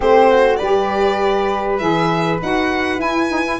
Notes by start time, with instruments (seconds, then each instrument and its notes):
0.00 tuba A3, saxophone C4, flute G4, violin C5
0.29 flute F#4
0.56 tuba G3, flute B4, violin D5
0.62 saxophone G4
1.78 tuba E3, saxophone G#4, violin E5
2.41 tuba D#4, saxophone F#4, violin F#5
2.97 tuba E4, saxophone E4, violin G#5
3.29 saxophone D#4
3.45 saxophone E4